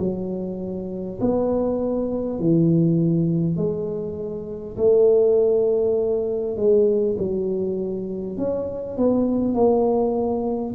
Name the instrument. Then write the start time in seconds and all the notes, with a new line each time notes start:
tuba
0.00 F#3
1.21 B3
2.40 E3
3.57 G#3
4.77 A3
6.57 G#3
7.19 F#3
8.38 C#4
8.98 B3
9.55 A#3